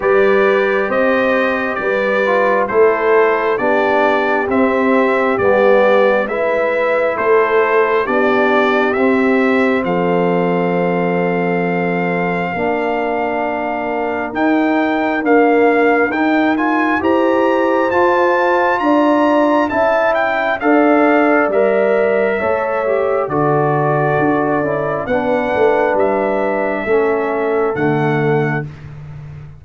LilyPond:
<<
  \new Staff \with { instrumentName = "trumpet" } { \time 4/4 \tempo 4 = 67 d''4 dis''4 d''4 c''4 | d''4 e''4 d''4 e''4 | c''4 d''4 e''4 f''4~ | f''1 |
g''4 f''4 g''8 gis''8 ais''4 | a''4 ais''4 a''8 g''8 f''4 | e''2 d''2 | fis''4 e''2 fis''4 | }
  \new Staff \with { instrumentName = "horn" } { \time 4/4 b'4 c''4 b'4 a'4 | g'2. b'4 | a'4 g'2 a'4~ | a'2 ais'2~ |
ais'2. c''4~ | c''4 d''4 e''4 d''4~ | d''4 cis''4 a'2 | b'2 a'2 | }
  \new Staff \with { instrumentName = "trombone" } { \time 4/4 g'2~ g'8 f'8 e'4 | d'4 c'4 b4 e'4~ | e'4 d'4 c'2~ | c'2 d'2 |
dis'4 ais4 dis'8 f'8 g'4 | f'2 e'4 a'4 | ais'4 a'8 g'8 fis'4. e'8 | d'2 cis'4 a4 | }
  \new Staff \with { instrumentName = "tuba" } { \time 4/4 g4 c'4 g4 a4 | b4 c'4 g4 gis4 | a4 b4 c'4 f4~ | f2 ais2 |
dis'4 d'4 dis'4 e'4 | f'4 d'4 cis'4 d'4 | g4 a4 d4 d'8 cis'8 | b8 a8 g4 a4 d4 | }
>>